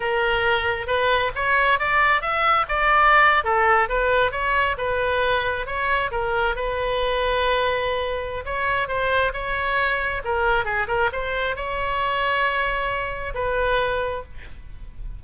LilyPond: \new Staff \with { instrumentName = "oboe" } { \time 4/4 \tempo 4 = 135 ais'2 b'4 cis''4 | d''4 e''4 d''4.~ d''16 a'16~ | a'8. b'4 cis''4 b'4~ b'16~ | b'8. cis''4 ais'4 b'4~ b'16~ |
b'2. cis''4 | c''4 cis''2 ais'4 | gis'8 ais'8 c''4 cis''2~ | cis''2 b'2 | }